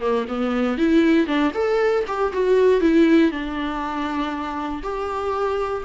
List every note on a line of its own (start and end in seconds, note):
0.00 0.25 A#3
0.28 0.77 B3
0.77 1.27 E4
1.27 1.52 D4
1.54 2.04 A4
2.07 2.32 G4
2.33 2.81 F#4
2.81 3.31 E4
3.31 4.82 D4
4.82 5.83 G4